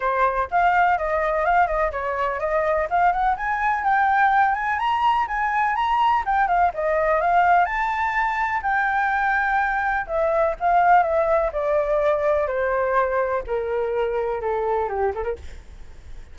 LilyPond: \new Staff \with { instrumentName = "flute" } { \time 4/4 \tempo 4 = 125 c''4 f''4 dis''4 f''8 dis''8 | cis''4 dis''4 f''8 fis''8 gis''4 | g''4. gis''8 ais''4 gis''4 | ais''4 g''8 f''8 dis''4 f''4 |
a''2 g''2~ | g''4 e''4 f''4 e''4 | d''2 c''2 | ais'2 a'4 g'8 a'16 ais'16 | }